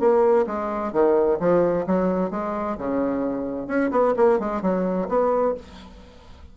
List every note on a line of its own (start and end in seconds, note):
0.00 0.46 A#3
0.47 0.93 G#3
0.93 1.39 D#3
1.40 1.86 F3
1.87 2.31 F#3
2.31 2.77 G#3
2.78 3.68 C#3
3.68 3.91 C#4
3.91 4.14 B3
4.17 4.40 A#3
4.40 4.62 G#3
4.62 5.08 F#3
5.09 5.55 B3